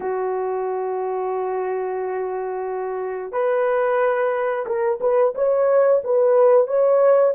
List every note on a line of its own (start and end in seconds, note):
0.00 3.32 F#4
3.32 4.65 B4
4.65 4.99 A#4
5.00 5.33 B4
5.35 6.01 C#5
6.03 6.67 B4
6.67 7.33 C#5